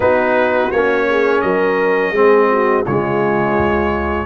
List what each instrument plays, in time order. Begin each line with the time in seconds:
0.00 tuba B3, trombone D#4, horn F#4, trumpet B4
0.71 tuba A#3, trombone C#4, trumpet C#5
1.09 horn G#4
1.41 tuba F#3, horn A#4, trumpet D#5
2.11 tuba G#3, trombone C4, horn G#4
2.50 horn F#4
2.85 tuba C#3, trombone G#3, horn F4, trumpet C#5
3.58 tuba C#2